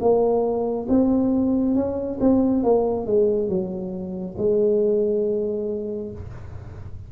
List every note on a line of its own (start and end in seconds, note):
0.00 0.87 A#3
0.89 1.75 C4
1.75 2.19 C#4
2.20 2.63 C4
2.63 3.06 A#3
3.06 3.49 G#3
3.49 4.36 F#3
4.38 6.12 G#3